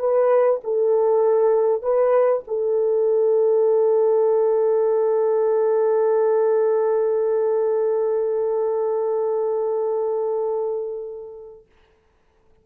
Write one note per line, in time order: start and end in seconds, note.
0.00 0.61 B4
0.64 1.83 A4
1.83 2.44 B4
2.48 11.66 A4